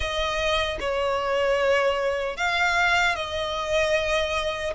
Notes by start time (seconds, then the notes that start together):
0.00 D#5
0.79 C#5
2.36 F5
3.15 D#5